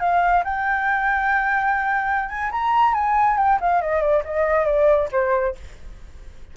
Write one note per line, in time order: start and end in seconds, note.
0.00 0.43 F5
0.44 2.29 G5
2.29 2.51 G#5
2.51 2.94 A#5
2.94 3.37 G#5
3.37 3.59 G5
3.61 3.81 F5
3.81 4.02 D#5
4.02 4.23 D5
4.25 4.65 D#5
4.65 5.09 D5
5.12 5.55 C5